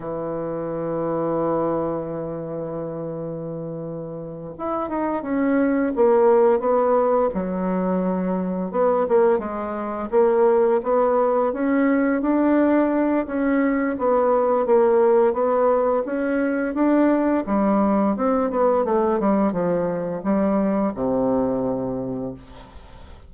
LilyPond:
\new Staff \with { instrumentName = "bassoon" } { \time 4/4 \tempo 4 = 86 e1~ | e2~ e8 e'8 dis'8 cis'8~ | cis'8 ais4 b4 fis4.~ | fis8 b8 ais8 gis4 ais4 b8~ |
b8 cis'4 d'4. cis'4 | b4 ais4 b4 cis'4 | d'4 g4 c'8 b8 a8 g8 | f4 g4 c2 | }